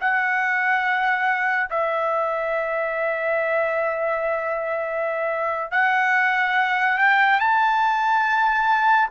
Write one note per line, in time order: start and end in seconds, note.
0.00 1.69 F#5
1.70 5.71 E5
5.71 6.98 F#5
6.98 7.39 G5
7.39 9.08 A5